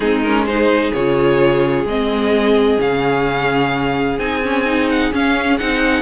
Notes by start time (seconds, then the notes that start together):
0.00 G#3 C4 D#4 G#4
0.22 C#4 A#4
0.45 D#4 G#4 C5
0.93 C#3 F4 C#5
1.85 G#3 C4 D#5
2.78 C#3 C#4 F5
4.18 C4 D#4 G#5
4.43 C#4
4.65 D#4
4.89 F#5
5.12 C#4 F5
5.58 C4 D#4 F#5